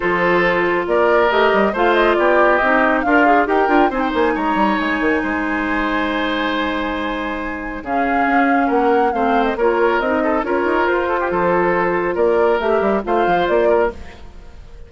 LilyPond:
<<
  \new Staff \with { instrumentName = "flute" } { \time 4/4 \tempo 4 = 138 c''2 d''4 dis''4 | f''8 dis''8 d''4 dis''4 f''4 | g''4 gis''16 g''16 gis''8 ais''4 gis''4~ | gis''1~ |
gis''2 f''2 | fis''4 f''8. dis''16 cis''4 dis''4 | cis''4 c''2. | d''4 e''4 f''4 d''4 | }
  \new Staff \with { instrumentName = "oboe" } { \time 4/4 a'2 ais'2 | c''4 g'2 f'4 | ais'4 c''4 cis''2 | c''1~ |
c''2 gis'2 | ais'4 c''4 ais'4. a'8 | ais'4. a'16 g'16 a'2 | ais'2 c''4. ais'8 | }
  \new Staff \with { instrumentName = "clarinet" } { \time 4/4 f'2. g'4 | f'2 dis'4 ais'8 gis'8 | g'8 f'8 dis'2.~ | dis'1~ |
dis'2 cis'2~ | cis'4 c'4 f'4 dis'4 | f'1~ | f'4 g'4 f'2 | }
  \new Staff \with { instrumentName = "bassoon" } { \time 4/4 f2 ais4 a8 g8 | a4 b4 c'4 d'4 | dis'8 d'8 c'8 ais8 gis8 g8 gis8 dis8 | gis1~ |
gis2 cis4 cis'4 | ais4 a4 ais4 c'4 | cis'8 dis'8 f'4 f2 | ais4 a8 g8 a8 f8 ais4 | }
>>